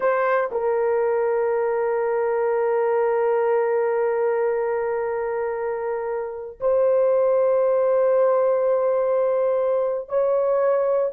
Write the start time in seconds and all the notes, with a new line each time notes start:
0.00 C5
0.51 A#4
6.60 C5
10.09 C#5